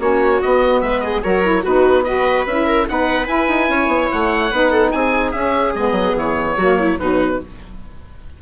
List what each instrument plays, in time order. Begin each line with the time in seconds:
0.00 bassoon A#3, saxophone C#4, viola F#4, oboe C#5
0.42 saxophone B3, bassoon B3, oboe D#5
0.81 bassoon G#3, viola B4, oboe E5
1.01 viola G#4, oboe D#5
1.23 bassoon F#3, saxophone F#4, viola A#4, oboe C#5
1.43 saxophone E4
1.63 bassoon B3, saxophone D#4, viola F#4, oboe B4
2.04 saxophone F#4, viola B4, oboe D#5
2.46 bassoon C#4, saxophone E4, oboe E5
2.67 viola A#4
2.88 bassoon B3, saxophone D#4, viola B4, oboe F#5
3.27 saxophone E4, bassoon E4, oboe G#5
3.48 bassoon D#4
3.69 bassoon C#4, viola C#5
3.87 bassoon B3
4.12 bassoon A3, oboe F#5
4.51 bassoon B3, saxophone D#4, viola B4
4.70 viola A4
4.92 bassoon C4, viola G#4, oboe G#5
5.32 bassoon C#4, saxophone C#4, oboe E5
5.75 bassoon G#3, saxophone B3, oboe D#5
5.92 bassoon F#3
6.16 bassoon E3, oboe C#5
6.57 bassoon F#3, saxophone A#3, viola F#4
6.79 viola E4
6.99 bassoon B2, saxophone F#3, viola D#4, oboe B4